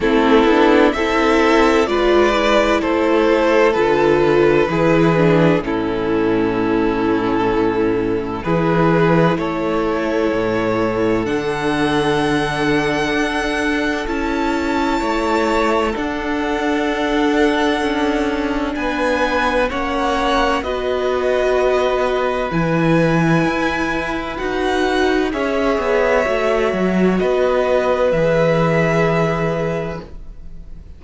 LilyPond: <<
  \new Staff \with { instrumentName = "violin" } { \time 4/4 \tempo 4 = 64 a'4 e''4 d''4 c''4 | b'2 a'2~ | a'4 b'4 cis''2 | fis''2. a''4~ |
a''4 fis''2. | gis''4 fis''4 dis''2 | gis''2 fis''4 e''4~ | e''4 dis''4 e''2 | }
  \new Staff \with { instrumentName = "violin" } { \time 4/4 e'4 a'4 b'4 a'4~ | a'4 gis'4 e'2~ | e'4 gis'4 a'2~ | a'1 |
cis''4 a'2. | b'4 cis''4 b'2~ | b'2. cis''4~ | cis''4 b'2. | }
  \new Staff \with { instrumentName = "viola" } { \time 4/4 c'8 d'8 e'4 f'8 e'4. | f'4 e'8 d'8 cis'2~ | cis'4 e'2. | d'2. e'4~ |
e'4 d'2.~ | d'4 cis'4 fis'2 | e'2 fis'4 gis'4 | fis'2 gis'2 | }
  \new Staff \with { instrumentName = "cello" } { \time 4/4 a8 b8 c'4 gis4 a4 | d4 e4 a,2~ | a,4 e4 a4 a,4 | d2 d'4 cis'4 |
a4 d'2 cis'4 | b4 ais4 b2 | e4 e'4 dis'4 cis'8 b8 | a8 fis8 b4 e2 | }
>>